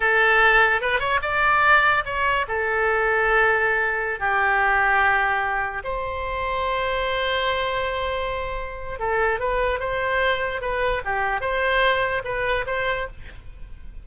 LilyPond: \new Staff \with { instrumentName = "oboe" } { \time 4/4 \tempo 4 = 147 a'2 b'8 cis''8 d''4~ | d''4 cis''4 a'2~ | a'2~ a'16 g'4.~ g'16~ | g'2~ g'16 c''4.~ c''16~ |
c''1~ | c''2 a'4 b'4 | c''2 b'4 g'4 | c''2 b'4 c''4 | }